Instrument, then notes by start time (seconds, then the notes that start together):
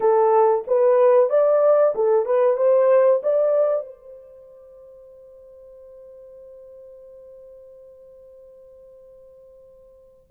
horn
0.00 A4
0.67 B4
1.29 D5
1.95 A4
2.25 B4
2.56 C5
3.22 D5
3.85 C5